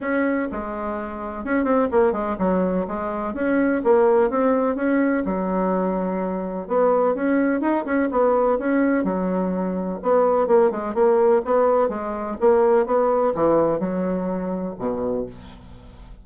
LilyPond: \new Staff \with { instrumentName = "bassoon" } { \time 4/4 \tempo 4 = 126 cis'4 gis2 cis'8 c'8 | ais8 gis8 fis4 gis4 cis'4 | ais4 c'4 cis'4 fis4~ | fis2 b4 cis'4 |
dis'8 cis'8 b4 cis'4 fis4~ | fis4 b4 ais8 gis8 ais4 | b4 gis4 ais4 b4 | e4 fis2 b,4 | }